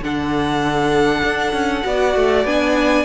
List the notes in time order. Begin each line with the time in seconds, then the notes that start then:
0.00 D3 D4 A4 F#5
1.23 D4
1.53 C#4
1.83 B3 F#4 D5
2.15 A3
2.44 B3 D4 G#5